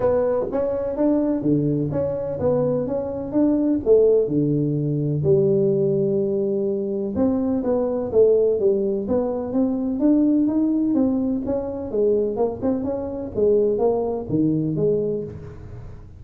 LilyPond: \new Staff \with { instrumentName = "tuba" } { \time 4/4 \tempo 4 = 126 b4 cis'4 d'4 d4 | cis'4 b4 cis'4 d'4 | a4 d2 g4~ | g2. c'4 |
b4 a4 g4 b4 | c'4 d'4 dis'4 c'4 | cis'4 gis4 ais8 c'8 cis'4 | gis4 ais4 dis4 gis4 | }